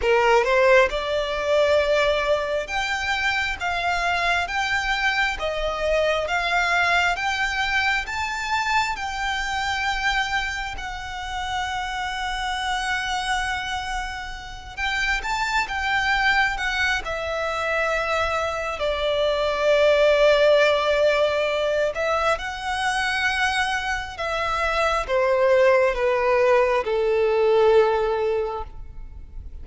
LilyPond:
\new Staff \with { instrumentName = "violin" } { \time 4/4 \tempo 4 = 67 ais'8 c''8 d''2 g''4 | f''4 g''4 dis''4 f''4 | g''4 a''4 g''2 | fis''1~ |
fis''8 g''8 a''8 g''4 fis''8 e''4~ | e''4 d''2.~ | d''8 e''8 fis''2 e''4 | c''4 b'4 a'2 | }